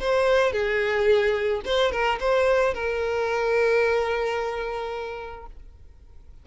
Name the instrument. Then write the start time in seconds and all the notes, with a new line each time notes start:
violin
0.00 C5
0.52 G#4
1.65 C5
1.91 A#4
2.20 C5
2.74 A#4